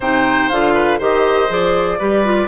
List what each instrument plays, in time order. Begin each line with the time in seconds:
0.00 bassoon C3, clarinet D#4, oboe C5, flute G5
0.49 bassoon D3, clarinet F4, flute F5
0.74 oboe B4
0.98 bassoon D#3, clarinet G4, oboe C5, flute D#5
1.48 bassoon F3, clarinet G#4, flute D5
1.98 bassoon G3, clarinet G4, oboe B4
2.25 clarinet F4